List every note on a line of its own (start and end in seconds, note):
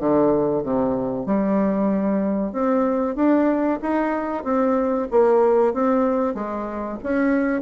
0.00 0.64 D3
0.64 1.26 C3
1.26 2.53 G3
2.53 3.16 C4
3.16 3.80 D4
3.82 4.44 D#4
4.44 5.08 C4
5.11 5.74 A#3
5.74 6.35 C4
6.35 6.99 G#3
7.03 7.62 C#4